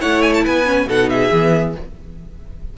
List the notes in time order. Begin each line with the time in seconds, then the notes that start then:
0.00 A3 E4 C#5 F#5
0.22 G#5
0.34 A5
0.44 B3 B4 G#5
0.65 C#4
0.86 B2 D#4 A4 F#5
1.09 G#4 E5
1.32 E3 B3